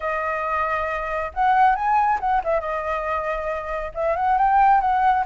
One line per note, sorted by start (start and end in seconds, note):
0.00 1.31 D#5
1.34 1.75 F#5
1.75 2.19 G#5
2.20 2.41 F#5
2.44 2.60 E5
2.60 3.91 D#5
3.94 4.16 E5
4.16 4.37 F#5
4.37 4.81 G5
4.81 5.24 F#5